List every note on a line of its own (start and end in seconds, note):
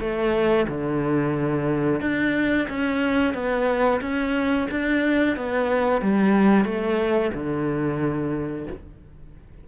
0.00 0.67 A3
0.68 2.01 D3
2.01 2.68 D4
2.69 3.34 C#4
3.34 4.01 B3
4.01 4.68 C#4
4.71 5.36 D4
5.36 6.02 B3
6.02 6.65 G3
6.65 7.32 A3
7.34 8.67 D3